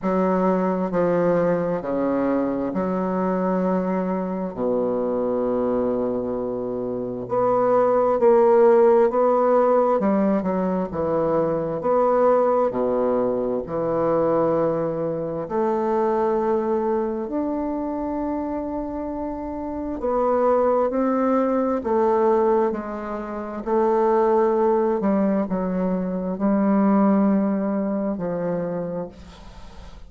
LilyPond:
\new Staff \with { instrumentName = "bassoon" } { \time 4/4 \tempo 4 = 66 fis4 f4 cis4 fis4~ | fis4 b,2. | b4 ais4 b4 g8 fis8 | e4 b4 b,4 e4~ |
e4 a2 d'4~ | d'2 b4 c'4 | a4 gis4 a4. g8 | fis4 g2 f4 | }